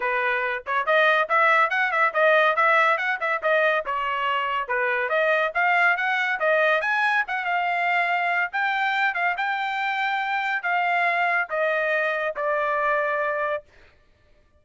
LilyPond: \new Staff \with { instrumentName = "trumpet" } { \time 4/4 \tempo 4 = 141 b'4. cis''8 dis''4 e''4 | fis''8 e''8 dis''4 e''4 fis''8 e''8 | dis''4 cis''2 b'4 | dis''4 f''4 fis''4 dis''4 |
gis''4 fis''8 f''2~ f''8 | g''4. f''8 g''2~ | g''4 f''2 dis''4~ | dis''4 d''2. | }